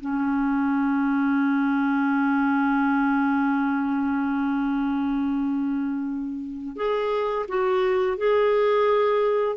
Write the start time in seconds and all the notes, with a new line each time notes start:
0.00 C#4
6.76 G#4
7.48 F#4
8.17 G#4